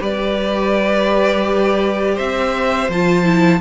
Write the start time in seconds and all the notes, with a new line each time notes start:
0.00 G3 G4 B4 D5
2.15 C4 C5 E5
2.89 F3 F4 A5
3.24 E4